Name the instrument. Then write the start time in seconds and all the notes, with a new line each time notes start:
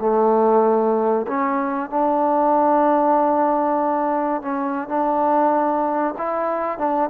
trombone
0.00 A3
1.27 C#4
1.90 D4
4.42 C#4
4.88 D4
6.18 E4
6.78 D4